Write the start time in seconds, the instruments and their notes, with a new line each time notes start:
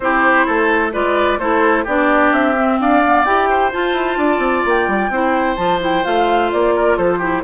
0.00 bassoon C4, clarinet E4, oboe G4, flute C5
0.46 bassoon A3, oboe A4
0.92 bassoon G#3, clarinet F4, oboe B4, flute D5
1.38 bassoon A3, clarinet E4, oboe A4, flute C5
1.84 bassoon B3, clarinet D4, oboe G4, flute D5
2.31 bassoon C4, flute E5
2.56 clarinet C4
2.80 bassoon D4, oboe D5, flute F5
3.05 clarinet B3
3.24 bassoon E4, clarinet G4, flute G5
3.49 oboe C5
3.71 clarinet F4, bassoon F4, flute A5
3.92 bassoon E4
4.16 bassoon D4, oboe D5
4.38 bassoon C4
4.65 bassoon A#3, flute G5
4.87 bassoon G3
5.09 bassoon C4, clarinet E4, oboe C5
5.56 bassoon F3, clarinet F4, flute A5
5.80 clarinet E4, flute G5
6.04 bassoon A3, clarinet F4, flute F5
6.51 bassoon A#3, flute D5
6.75 oboe A#4
6.97 bassoon F3, oboe A4, flute C5
7.18 clarinet E4, oboe G4